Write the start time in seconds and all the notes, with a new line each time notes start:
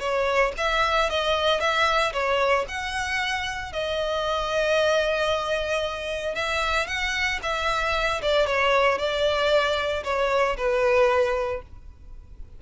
0.00 C#5
0.58 E5
1.10 D#5
1.61 E5
2.13 C#5
2.69 F#5
3.73 D#5
6.36 E5
6.87 F#5
7.43 E5
8.22 D5
8.47 C#5
8.98 D5
10.04 C#5
10.57 B4